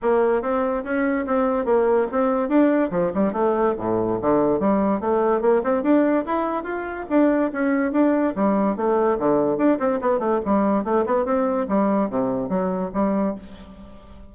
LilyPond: \new Staff \with { instrumentName = "bassoon" } { \time 4/4 \tempo 4 = 144 ais4 c'4 cis'4 c'4 | ais4 c'4 d'4 f8 g8 | a4 a,4 d4 g4 | a4 ais8 c'8 d'4 e'4 |
f'4 d'4 cis'4 d'4 | g4 a4 d4 d'8 c'8 | b8 a8 g4 a8 b8 c'4 | g4 c4 fis4 g4 | }